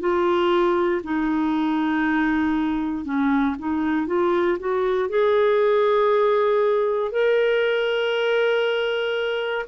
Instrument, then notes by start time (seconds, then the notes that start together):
clarinet
0.00 F4
1.04 D#4
3.05 C#4
3.59 D#4
4.07 F4
4.59 F#4
5.09 G#4
7.11 A#4